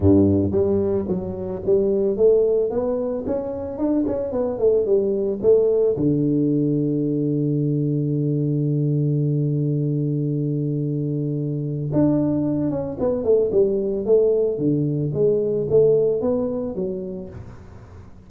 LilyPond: \new Staff \with { instrumentName = "tuba" } { \time 4/4 \tempo 4 = 111 g,4 g4 fis4 g4 | a4 b4 cis'4 d'8 cis'8 | b8 a8 g4 a4 d4~ | d1~ |
d1~ | d2 d'4. cis'8 | b8 a8 g4 a4 d4 | gis4 a4 b4 fis4 | }